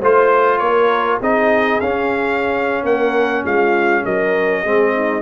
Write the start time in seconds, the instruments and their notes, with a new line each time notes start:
0.00 tuba A3, trombone F4, horn C5, trumpet C5
0.58 tuba A#3, horn A#4, trumpet C#5
1.20 tuba C4, trombone D#4, horn G#4, trumpet D#5
1.80 tuba C#4, trombone C#4, trumpet F5
2.83 tuba A#3, horn A#4, trumpet F#5
3.44 tuba G#3, horn F4, trumpet F5
4.04 tuba F#3, horn A#4, trumpet D#5
4.62 tuba G#3, trombone C4, horn G#4
4.95 horn D#4